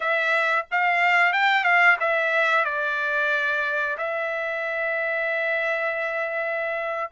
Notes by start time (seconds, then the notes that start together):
0.00 E5
0.71 F5
1.32 G5
1.63 F5
1.99 E5
2.64 D5
3.97 E5